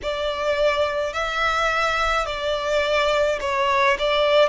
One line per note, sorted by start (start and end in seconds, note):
0.02 1.13 D5
1.13 2.26 E5
2.26 3.39 D5
3.40 3.97 C#5
3.99 4.48 D5